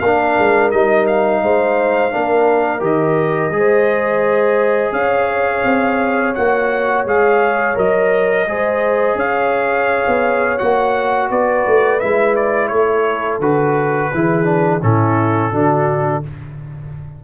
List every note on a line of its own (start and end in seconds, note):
0.00 0.36 A#3
0.00 0.72 D4
0.00 1.43 A#4
0.00 0.71 F5
0.39 0.73 G#3
0.71 1.43 G3
0.71 2.11 D#4
0.71 1.06 D#5
1.07 2.84 F5
1.43 2.14 G#3
1.43 2.13 C5
2.11 2.81 A#3
2.11 2.80 D4
2.11 3.54 A#4
2.80 3.51 D#3
2.80 3.51 G4
2.80 4.93 D#5
3.51 4.92 G#3
3.51 6.35 G#4
3.57 4.95 C5
4.92 5.62 C#4
4.92 8.48 C#5
4.92 6.34 F5
5.64 6.35 C4
6.35 7.05 A#3
6.35 7.07 F#4
6.35 7.05 F#5
7.05 7.76 G#3
7.05 7.75 G#4
7.05 7.79 F5
7.75 8.47 F#3
7.75 8.46 A#4
7.75 9.19 D#5
8.47 9.15 G#3
8.47 10.59 G#4
8.47 9.17 C5
9.15 10.04 C#4
9.15 11.29 C#5
9.15 10.58 F5
10.07 10.60 B3
10.58 11.30 A#3
10.58 12.00 F#4
10.58 11.29 F#5
11.30 11.66 B3
11.30 12.71 B4
11.30 12.00 D5
11.67 12.02 A3
12.00 12.71 G#3
12.00 13.41 E4
12.00 12.35 E5
12.36 12.68 D5
12.68 13.40 A3
12.68 14.13 A4
12.68 13.38 C#5
13.40 14.10 D3
13.40 14.12 F#4
13.40 14.83 B4
14.14 14.83 E3
14.14 14.45 E4
14.14 14.83 G#4
14.45 14.80 D4
14.82 15.52 A2
14.82 15.53 C#4
14.82 15.52 E4
14.82 16.24 A4
15.52 16.23 D3
15.52 16.23 D4
15.52 16.22 F#4